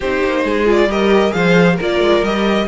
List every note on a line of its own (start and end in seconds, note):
0.00 0.23 C4
0.00 0.65 D#4
0.00 0.43 G4
0.00 0.68 C5
0.24 0.44 A#3
0.44 0.87 G#3
0.44 0.88 G#4
0.65 0.88 F4
0.65 0.91 D5
0.87 1.31 G3
0.87 1.30 G4
0.87 1.35 A#4
0.87 1.32 D#5
1.30 1.79 F3
1.30 1.74 G#4
1.30 1.75 C5
1.30 1.77 F5
1.75 1.99 A#3
1.75 2.25 F4
1.75 2.65 A#4
1.82 2.24 D5
1.99 2.21 G#3
2.22 2.67 G3
2.22 2.68 G4
2.22 2.68 D#5